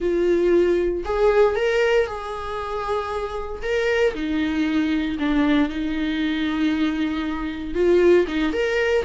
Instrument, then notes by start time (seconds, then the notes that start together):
viola
0.00 F4
1.04 G#4
1.55 A#4
2.06 G#4
3.62 A#4
4.14 D#4
5.19 D4
5.69 D#4
7.74 F4
8.27 D#4
8.53 A#4